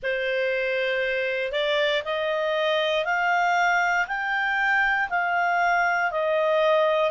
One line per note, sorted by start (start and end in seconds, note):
0.02 1.52 C5
1.52 2.02 D5
2.04 3.05 D#5
3.05 4.06 F5
4.07 5.09 G5
5.09 6.11 F5
6.11 7.10 D#5